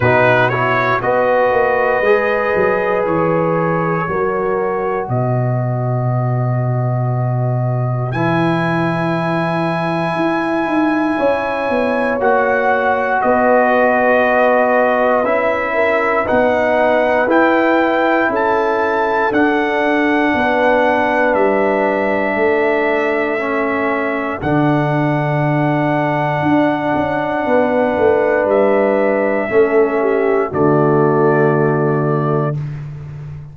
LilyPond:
<<
  \new Staff \with { instrumentName = "trumpet" } { \time 4/4 \tempo 4 = 59 b'8 cis''8 dis''2 cis''4~ | cis''4 dis''2. | gis''1 | fis''4 dis''2 e''4 |
fis''4 g''4 a''4 fis''4~ | fis''4 e''2. | fis''1 | e''2 d''2 | }
  \new Staff \with { instrumentName = "horn" } { \time 4/4 fis'4 b'2. | ais'4 b'2.~ | b'2. cis''4~ | cis''4 b'2~ b'8 ais'8 |
b'2 a'2 | b'2 a'2~ | a'2. b'4~ | b'4 a'8 g'8 fis'2 | }
  \new Staff \with { instrumentName = "trombone" } { \time 4/4 dis'8 e'8 fis'4 gis'2 | fis'1 | e'1 | fis'2. e'4 |
dis'4 e'2 d'4~ | d'2. cis'4 | d'1~ | d'4 cis'4 a2 | }
  \new Staff \with { instrumentName = "tuba" } { \time 4/4 b,4 b8 ais8 gis8 fis8 e4 | fis4 b,2. | e2 e'8 dis'8 cis'8 b8 | ais4 b2 cis'4 |
b4 e'4 cis'4 d'4 | b4 g4 a2 | d2 d'8 cis'8 b8 a8 | g4 a4 d2 | }
>>